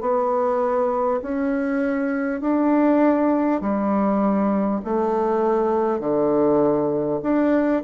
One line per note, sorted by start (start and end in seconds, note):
0.00 1.20 B3
1.22 2.41 C#4
2.41 3.61 D4
3.61 4.81 G3
4.84 5.99 A3
5.99 7.19 D3
7.22 7.82 D4